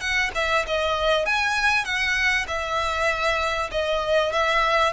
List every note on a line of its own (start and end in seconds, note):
0.00 0.31 F#5
0.35 0.65 E5
0.67 1.25 D#5
1.25 1.85 G#5
1.85 2.46 F#5
2.47 3.70 E5
3.71 4.32 D#5
4.32 4.93 E5